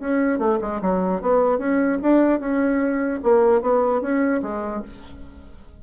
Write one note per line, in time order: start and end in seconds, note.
0.00 0.39 C#4
0.39 0.59 A3
0.61 0.81 G#3
0.82 1.21 F#3
1.21 1.59 B3
1.59 1.99 C#4
2.02 2.40 D4
2.40 3.20 C#4
3.23 3.61 A#3
3.61 4.01 B3
4.01 4.41 C#4
4.42 4.82 G#3